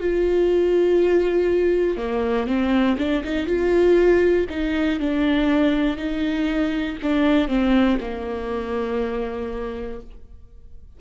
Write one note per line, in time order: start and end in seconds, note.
0.00 1.97 F4
1.97 2.47 A#3
2.47 2.97 C4
2.98 3.23 D4
3.24 3.46 D#4
3.46 4.46 F4
4.50 4.99 D#4
4.99 5.97 D4
5.97 6.97 D#4
7.02 7.48 D4
7.48 7.98 C4
8.00 10.00 A#3